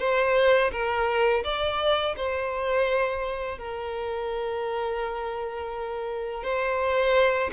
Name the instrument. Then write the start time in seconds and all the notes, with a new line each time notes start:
violin
0.00 C5
0.72 A#4
1.44 D5
2.17 C5
3.59 A#4
6.44 C5